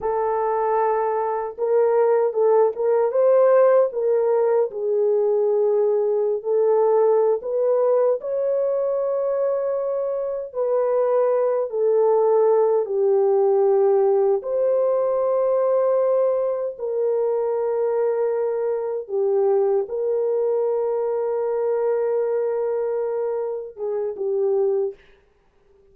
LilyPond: \new Staff \with { instrumentName = "horn" } { \time 4/4 \tempo 4 = 77 a'2 ais'4 a'8 ais'8 | c''4 ais'4 gis'2~ | gis'16 a'4~ a'16 b'4 cis''4.~ | cis''4. b'4. a'4~ |
a'8 g'2 c''4.~ | c''4. ais'2~ ais'8~ | ais'8 g'4 ais'2~ ais'8~ | ais'2~ ais'8 gis'8 g'4 | }